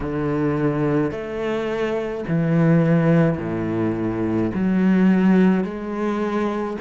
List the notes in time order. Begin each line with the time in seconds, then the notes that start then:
0.00 D3
1.11 A3
2.27 E3
3.38 A2
4.54 F#3
5.63 G#3